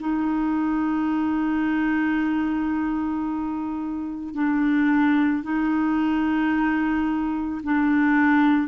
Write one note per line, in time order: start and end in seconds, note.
0.00 4.34 D#4
4.34 5.43 D4
5.43 7.61 D#4
7.63 8.68 D4